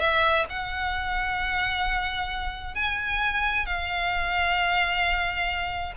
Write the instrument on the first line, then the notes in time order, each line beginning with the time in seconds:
violin
0.00 E5
0.50 F#5
2.75 G#5
3.66 F5